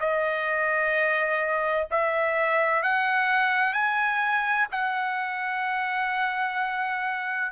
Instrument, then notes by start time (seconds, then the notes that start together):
trumpet
0.00 D#5
1.91 E5
2.83 F#5
3.73 G#5
4.71 F#5